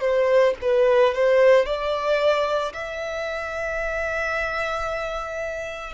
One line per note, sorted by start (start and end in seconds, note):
0.00 0.54 C5
0.61 1.14 B4
1.14 1.65 C5
1.65 2.72 D5
2.73 5.94 E5